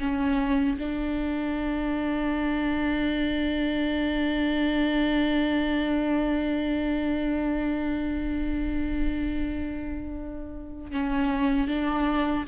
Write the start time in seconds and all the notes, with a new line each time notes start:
0.00 C#4
0.79 D4
10.92 C#4
11.68 D4